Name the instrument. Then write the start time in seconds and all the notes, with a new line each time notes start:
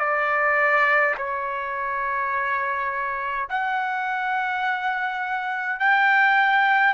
trumpet
0.00 D5
1.18 C#5
3.50 F#5
5.80 G5